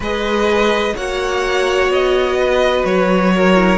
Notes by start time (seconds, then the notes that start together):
0.00 G#3 G#4 B4 D#5
0.94 A#3 F#4 C#5 F#5
1.88 B3 D#5
2.38 B4
2.85 F#3 C#5
3.35 A#4
3.55 E4